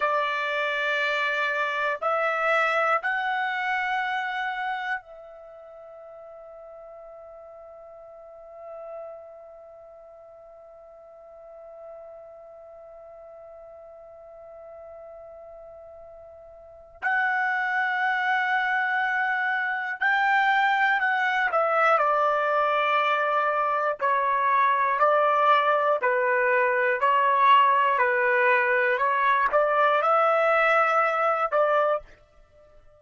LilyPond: \new Staff \with { instrumentName = "trumpet" } { \time 4/4 \tempo 4 = 60 d''2 e''4 fis''4~ | fis''4 e''2.~ | e''1~ | e''1~ |
e''4 fis''2. | g''4 fis''8 e''8 d''2 | cis''4 d''4 b'4 cis''4 | b'4 cis''8 d''8 e''4. d''8 | }